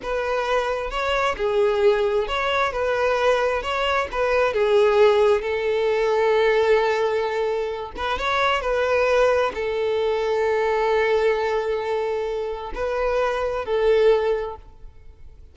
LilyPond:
\new Staff \with { instrumentName = "violin" } { \time 4/4 \tempo 4 = 132 b'2 cis''4 gis'4~ | gis'4 cis''4 b'2 | cis''4 b'4 gis'2 | a'1~ |
a'4. b'8 cis''4 b'4~ | b'4 a'2.~ | a'1 | b'2 a'2 | }